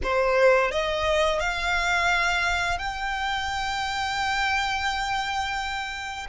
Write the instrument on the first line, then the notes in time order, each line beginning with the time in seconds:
violin
0.03 C5
0.71 D#5
1.40 F5
2.78 G5